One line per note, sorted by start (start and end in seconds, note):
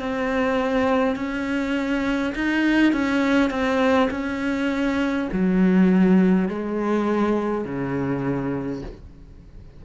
0.00 1.16 C4
1.16 2.34 C#4
2.35 2.93 D#4
2.93 3.50 C#4
3.50 4.09 C4
4.11 5.29 C#4
5.32 6.49 F#3
6.49 7.65 G#3
7.65 8.82 C#3